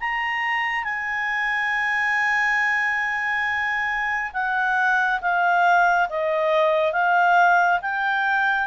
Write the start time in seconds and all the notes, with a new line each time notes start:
0.00 A#5
0.84 G#5
4.34 F#5
5.22 F5
6.09 D#5
6.93 F5
7.82 G5